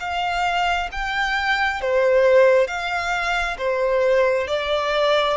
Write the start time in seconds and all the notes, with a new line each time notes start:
0.00 F5
0.92 G5
1.81 C5
2.67 F5
3.58 C5
4.47 D5